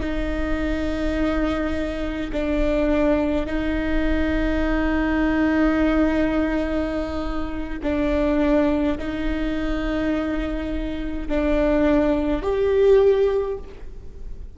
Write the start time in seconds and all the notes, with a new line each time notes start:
0.00 D#4
2.32 D4
3.46 D#4
7.82 D4
8.98 D#4
11.28 D4
12.42 G4